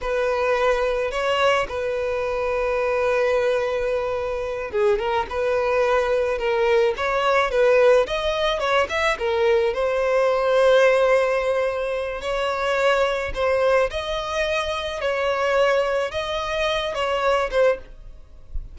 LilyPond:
\new Staff \with { instrumentName = "violin" } { \time 4/4 \tempo 4 = 108 b'2 cis''4 b'4~ | b'1~ | b'8 gis'8 ais'8 b'2 ais'8~ | ais'8 cis''4 b'4 dis''4 cis''8 |
e''8 ais'4 c''2~ c''8~ | c''2 cis''2 | c''4 dis''2 cis''4~ | cis''4 dis''4. cis''4 c''8 | }